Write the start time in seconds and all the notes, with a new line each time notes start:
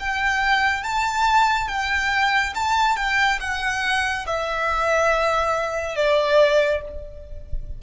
0.00 G5
0.83 A5
1.68 G5
2.55 A5
2.96 G5
3.40 F#5
4.27 E5
5.96 D5